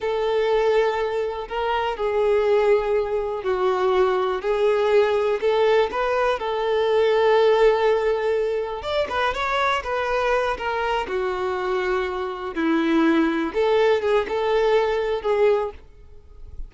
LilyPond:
\new Staff \with { instrumentName = "violin" } { \time 4/4 \tempo 4 = 122 a'2. ais'4 | gis'2. fis'4~ | fis'4 gis'2 a'4 | b'4 a'2.~ |
a'2 d''8 b'8 cis''4 | b'4. ais'4 fis'4.~ | fis'4. e'2 a'8~ | a'8 gis'8 a'2 gis'4 | }